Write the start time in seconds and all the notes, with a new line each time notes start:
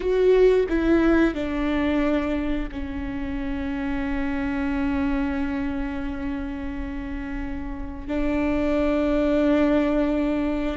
0.00 F#4
0.69 E4
1.34 D4
2.71 C#4
8.07 D4